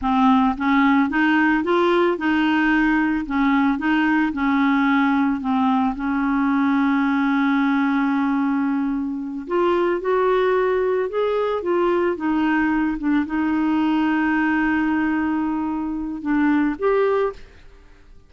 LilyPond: \new Staff \with { instrumentName = "clarinet" } { \time 4/4 \tempo 4 = 111 c'4 cis'4 dis'4 f'4 | dis'2 cis'4 dis'4 | cis'2 c'4 cis'4~ | cis'1~ |
cis'4. f'4 fis'4.~ | fis'8 gis'4 f'4 dis'4. | d'8 dis'2.~ dis'8~ | dis'2 d'4 g'4 | }